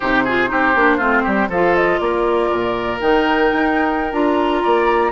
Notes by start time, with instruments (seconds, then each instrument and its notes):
0.00 bassoon C3, clarinet D#4, oboe G4, flute C5
0.24 clarinet F4, oboe G#4
0.47 bassoon C4, clarinet D#4, oboe G4
0.75 bassoon A#3, clarinet D4
0.97 bassoon A3, clarinet C4, oboe F4
1.23 bassoon G3, oboe G4
1.49 bassoon F3, clarinet F4, oboe A4, flute F5
1.75 flute D#5
1.99 bassoon A#3, oboe A#4, flute D5
2.50 bassoon A#2
2.99 bassoon D#3, clarinet D#4, flute G5
3.52 bassoon D#4
4.12 bassoon D4, clarinet F4, flute A#5
4.62 bassoon A#3, oboe D5